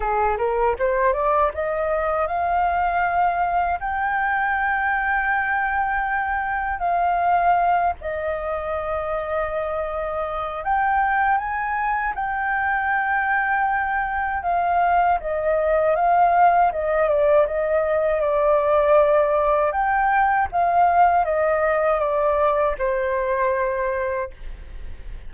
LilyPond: \new Staff \with { instrumentName = "flute" } { \time 4/4 \tempo 4 = 79 gis'8 ais'8 c''8 d''8 dis''4 f''4~ | f''4 g''2.~ | g''4 f''4. dis''4.~ | dis''2 g''4 gis''4 |
g''2. f''4 | dis''4 f''4 dis''8 d''8 dis''4 | d''2 g''4 f''4 | dis''4 d''4 c''2 | }